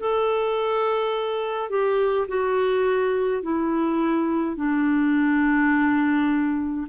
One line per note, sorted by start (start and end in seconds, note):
0.00 1.70 A4
1.70 2.28 G4
2.28 3.43 F#4
3.43 4.57 E4
4.57 6.88 D4